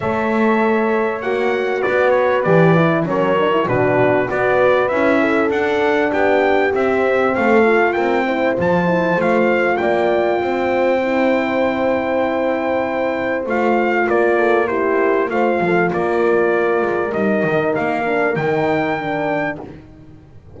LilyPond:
<<
  \new Staff \with { instrumentName = "trumpet" } { \time 4/4 \tempo 4 = 98 e''2 fis''4 d''8 cis''8 | d''4 cis''4 b'4 d''4 | e''4 fis''4 g''4 e''4 | f''4 g''4 a''4 f''4 |
g''1~ | g''2 f''4 d''4 | c''4 f''4 d''2 | dis''4 f''4 g''2 | }
  \new Staff \with { instrumentName = "horn" } { \time 4/4 cis''2. b'4~ | b'4 ais'4 fis'4 b'4~ | b'8 a'4. g'2 | a'4 ais'8 c''2~ c''8 |
d''4 c''2.~ | c''2. ais'8 a'8 | g'4 c''8 a'8 ais'2~ | ais'1 | }
  \new Staff \with { instrumentName = "horn" } { \time 4/4 a'2 fis'2 | g'8 e'8 cis'8 d'16 e'16 d'4 fis'4 | e'4 d'2 c'4~ | c'8 f'4 e'8 f'8 e'8 f'4~ |
f'2 e'2~ | e'2 f'2 | e'4 f'2. | dis'4. d'8 dis'4 d'4 | }
  \new Staff \with { instrumentName = "double bass" } { \time 4/4 a2 ais4 b4 | e4 fis4 b,4 b4 | cis'4 d'4 b4 c'4 | a4 c'4 f4 a4 |
ais4 c'2.~ | c'2 a4 ais4~ | ais4 a8 f8 ais4. gis8 | g8 dis8 ais4 dis2 | }
>>